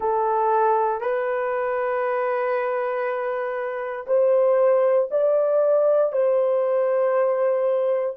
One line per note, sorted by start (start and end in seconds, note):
0.00 1.00 A4
1.00 4.05 B4
4.07 5.08 C5
5.11 6.12 D5
6.12 8.15 C5